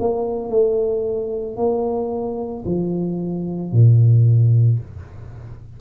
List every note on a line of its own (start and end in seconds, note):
0.00 0.49 A#3
0.49 1.56 A3
1.57 2.64 A#3
2.65 3.72 F3
3.72 4.79 A#2